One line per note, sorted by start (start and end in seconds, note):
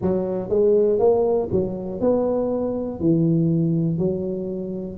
0.01 0.49 F#3
0.49 0.99 G#3
0.99 1.49 A#3
1.51 2.00 F#3
2.00 3.00 B3
3.00 3.98 E3
3.98 4.97 F#3